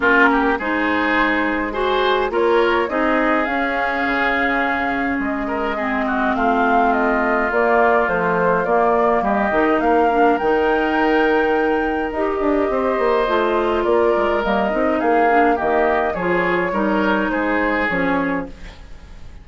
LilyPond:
<<
  \new Staff \with { instrumentName = "flute" } { \time 4/4 \tempo 4 = 104 ais'4 c''2 gis'4 | cis''4 dis''4 f''2~ | f''4 dis''2 f''4 | dis''4 d''4 c''4 d''4 |
dis''4 f''4 g''2~ | g''4 dis''2. | d''4 dis''4 f''4 dis''4 | cis''2 c''4 cis''4 | }
  \new Staff \with { instrumentName = "oboe" } { \time 4/4 f'8 g'8 gis'2 c''4 | ais'4 gis'2.~ | gis'4. ais'8 gis'8 fis'8 f'4~ | f'1 |
g'4 ais'2.~ | ais'2 c''2 | ais'2 gis'4 g'4 | gis'4 ais'4 gis'2 | }
  \new Staff \with { instrumentName = "clarinet" } { \time 4/4 cis'4 dis'2 fis'4 | f'4 dis'4 cis'2~ | cis'2 c'2~ | c'4 ais4 f4 ais4~ |
ais8 dis'4 d'8 dis'2~ | dis'4 g'2 f'4~ | f'4 ais8 dis'4 d'8 ais4 | f'4 dis'2 cis'4 | }
  \new Staff \with { instrumentName = "bassoon" } { \time 4/4 ais4 gis2. | ais4 c'4 cis'4 cis4~ | cis4 gis2 a4~ | a4 ais4 a4 ais4 |
g8 dis8 ais4 dis2~ | dis4 dis'8 d'8 c'8 ais8 a4 | ais8 gis8 g8 c'8 ais4 dis4 | f4 g4 gis4 f4 | }
>>